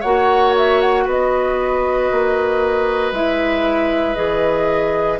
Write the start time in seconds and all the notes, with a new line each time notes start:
0.00 A#3 F#4 C#5 F#5
0.57 E5
0.81 F#5
1.05 B3 B4 D#5
2.11 A#3
3.12 G#3 E4 E5
4.15 E3 G#4 D#5